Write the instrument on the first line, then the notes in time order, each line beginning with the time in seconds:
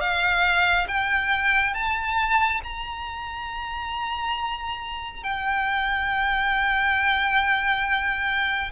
violin
0.00 F5
0.88 G5
1.74 A5
2.63 A#5
5.23 G5